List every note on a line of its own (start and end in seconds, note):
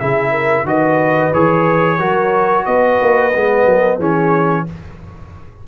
0.00 0.64 C#3
0.00 0.66 E4
0.00 0.31 G#4
0.00 0.67 E5
0.31 0.64 A#4
0.64 1.31 D#3
0.64 1.32 F#4
0.64 1.99 B4
0.64 1.33 D#5
1.33 2.00 E3
1.33 1.99 G#4
1.33 2.65 C#5
1.99 2.66 F#3
1.99 3.32 F#4
1.99 2.66 A#4
2.65 3.00 B3
2.65 3.66 B4
2.65 3.99 D#5
3.02 3.35 A#3
3.33 3.66 G#3
3.33 4.00 B3
3.66 3.99 F#3
3.66 3.98 A#4
3.98 4.65 E3
3.98 4.67 C#4
3.98 4.64 G#4
3.98 4.68 C#5